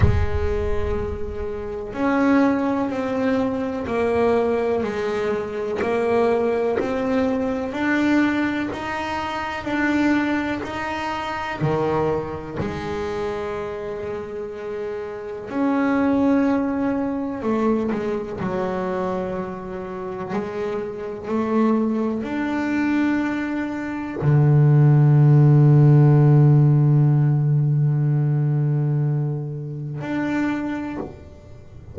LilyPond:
\new Staff \with { instrumentName = "double bass" } { \time 4/4 \tempo 4 = 62 gis2 cis'4 c'4 | ais4 gis4 ais4 c'4 | d'4 dis'4 d'4 dis'4 | dis4 gis2. |
cis'2 a8 gis8 fis4~ | fis4 gis4 a4 d'4~ | d'4 d2.~ | d2. d'4 | }